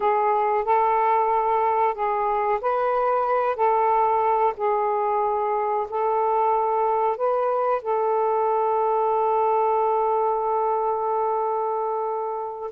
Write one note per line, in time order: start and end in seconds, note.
0.00 0.64 G#4
0.64 1.94 A4
1.94 2.59 G#4
2.61 3.55 B4
3.55 4.53 A4
4.57 5.87 G#4
5.89 7.17 A4
7.17 7.82 B4
7.82 12.71 A4